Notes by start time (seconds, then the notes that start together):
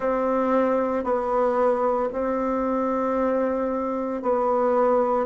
0.00 C4
1.04 B3
2.12 C4
4.22 B3